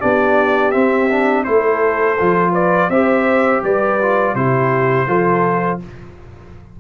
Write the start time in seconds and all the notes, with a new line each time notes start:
0.00 B3 D4 G4 D5
0.71 C4 E5
1.10 D4
1.44 A3 E4 A4 C5
2.19 F3 F4
2.52 B4 D5
2.89 C4 G4 C5 E5
3.63 G3 B4 D5
4.02 F4
4.35 C3 E4 G4 C5
5.07 F3 F4 A4